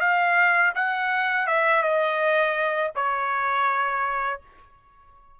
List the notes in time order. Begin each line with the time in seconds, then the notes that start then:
0.00 F5
0.75 F#5
1.47 E5
1.82 D#5
2.95 C#5